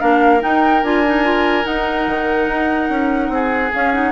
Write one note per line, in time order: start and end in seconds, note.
0.00 0.43 A#3
0.00 0.40 D4
0.00 3.31 A#4
0.00 0.41 F5
0.40 0.81 D#4
0.40 0.83 D#4
0.40 0.84 G5
0.83 1.65 D4
0.83 1.05 F4
0.83 1.65 G#5
1.05 1.23 D#4
1.23 1.64 F4
1.64 3.70 D#4
1.64 2.07 D#4
1.64 3.72 F#5
2.07 2.48 D#3
2.48 2.89 D#4
2.89 3.29 C#4
3.29 3.70 C4
3.29 4.12 G#4
3.73 3.93 C#4
3.73 4.12 C#4
3.73 3.93 F5
3.93 4.12 D#4
3.93 4.12 F#5